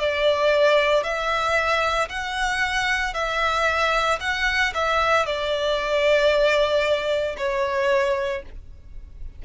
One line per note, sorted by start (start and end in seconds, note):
0.00 1.03 D5
1.03 2.09 E5
2.10 3.14 F#5
3.14 4.19 E5
4.21 4.73 F#5
4.74 5.26 E5
5.26 7.37 D5
7.38 8.43 C#5